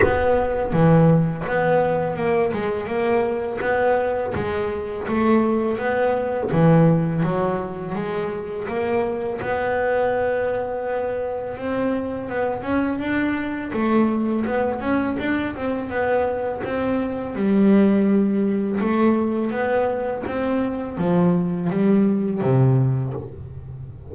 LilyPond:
\new Staff \with { instrumentName = "double bass" } { \time 4/4 \tempo 4 = 83 b4 e4 b4 ais8 gis8 | ais4 b4 gis4 a4 | b4 e4 fis4 gis4 | ais4 b2. |
c'4 b8 cis'8 d'4 a4 | b8 cis'8 d'8 c'8 b4 c'4 | g2 a4 b4 | c'4 f4 g4 c4 | }